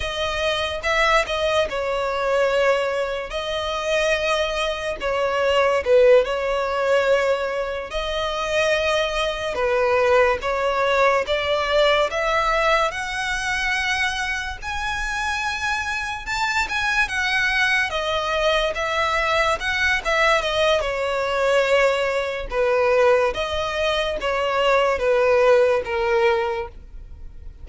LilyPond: \new Staff \with { instrumentName = "violin" } { \time 4/4 \tempo 4 = 72 dis''4 e''8 dis''8 cis''2 | dis''2 cis''4 b'8 cis''8~ | cis''4. dis''2 b'8~ | b'8 cis''4 d''4 e''4 fis''8~ |
fis''4. gis''2 a''8 | gis''8 fis''4 dis''4 e''4 fis''8 | e''8 dis''8 cis''2 b'4 | dis''4 cis''4 b'4 ais'4 | }